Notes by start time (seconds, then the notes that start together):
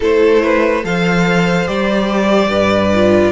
0.00 A3 E4 A4 C5
0.42 B4
0.83 F3 A4 C5 F5
1.66 G3 G4 D5
2.48 G2 B4
2.94 F4